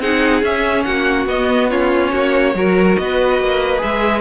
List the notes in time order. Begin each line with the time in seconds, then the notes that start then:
0.00 C4 D#4 G#4 F#5
0.42 C#4 E5
0.84 A#3 F#4 F#5
1.26 B3 D#5
1.70 C#4 F4 C#5
2.11 A#3 F#4
2.54 F#3 F#4 A#4
2.97 B3 B4 D#5
3.40 A#3
3.78 G#3 G#4 E5